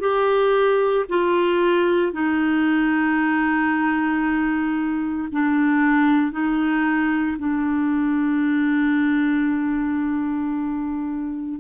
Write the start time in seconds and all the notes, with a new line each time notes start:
0.00 G4
1.09 F4
2.13 D#4
5.32 D4
6.32 D#4
7.39 D4